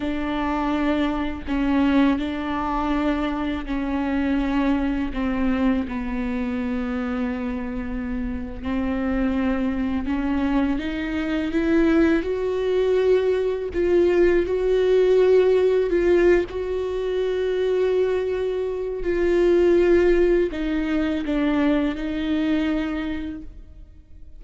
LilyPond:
\new Staff \with { instrumentName = "viola" } { \time 4/4 \tempo 4 = 82 d'2 cis'4 d'4~ | d'4 cis'2 c'4 | b2.~ b8. c'16~ | c'4.~ c'16 cis'4 dis'4 e'16~ |
e'8. fis'2 f'4 fis'16~ | fis'4.~ fis'16 f'8. fis'4.~ | fis'2 f'2 | dis'4 d'4 dis'2 | }